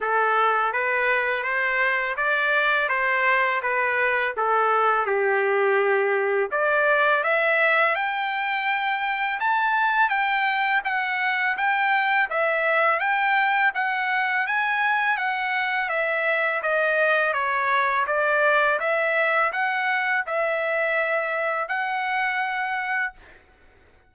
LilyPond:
\new Staff \with { instrumentName = "trumpet" } { \time 4/4 \tempo 4 = 83 a'4 b'4 c''4 d''4 | c''4 b'4 a'4 g'4~ | g'4 d''4 e''4 g''4~ | g''4 a''4 g''4 fis''4 |
g''4 e''4 g''4 fis''4 | gis''4 fis''4 e''4 dis''4 | cis''4 d''4 e''4 fis''4 | e''2 fis''2 | }